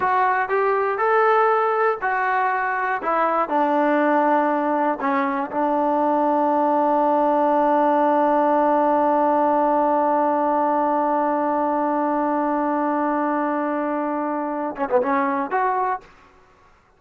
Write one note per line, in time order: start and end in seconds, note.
0.00 0.48 F#4
0.48 0.97 G4
0.97 1.97 A4
2.01 3.01 F#4
3.02 3.49 E4
3.49 4.99 D4
5.00 5.50 C#4
5.50 14.75 D4
14.76 14.88 C#4
14.89 15.01 B3
15.02 15.50 C#4
15.50 16.00 F#4